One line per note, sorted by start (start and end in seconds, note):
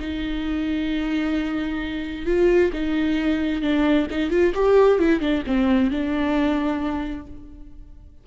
0.00 2.26 D#4
2.26 2.72 F4
2.73 3.62 D#4
3.62 4.08 D4
4.11 4.31 D#4
4.31 4.53 F4
4.55 4.99 G4
4.99 5.21 E4
5.21 5.43 D4
5.47 5.91 C4
5.91 7.27 D4